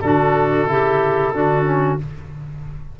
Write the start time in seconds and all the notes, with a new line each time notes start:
0.00 D3 D4 F#4 A4
0.67 C#3 E4 G4
1.31 D3 D4 F#4
1.65 C#4